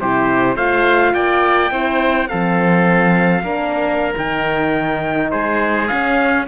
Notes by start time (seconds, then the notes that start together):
0.00 C3 E4 G4 C5
0.56 A3 F4 C5 F5
1.14 A#3 D5 G5
1.70 C4 E4 C5
2.28 F3 C4 A4 F5
3.43 A#3 D4 A#4
4.17 D#3 D#4 G5
5.31 G#3 G#4 C5
5.88 C#4 F5